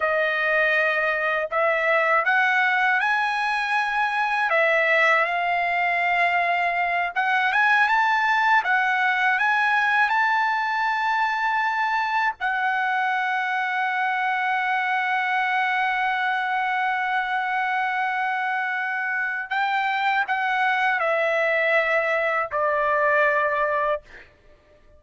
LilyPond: \new Staff \with { instrumentName = "trumpet" } { \time 4/4 \tempo 4 = 80 dis''2 e''4 fis''4 | gis''2 e''4 f''4~ | f''4. fis''8 gis''8 a''4 fis''8~ | fis''8 gis''4 a''2~ a''8~ |
a''8 fis''2.~ fis''8~ | fis''1~ | fis''2 g''4 fis''4 | e''2 d''2 | }